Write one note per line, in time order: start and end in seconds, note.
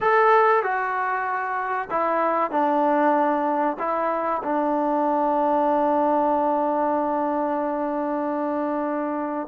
0.00 0.62 A4
0.62 1.89 F#4
1.90 2.51 E4
2.51 3.77 D4
3.78 4.42 E4
4.43 9.48 D4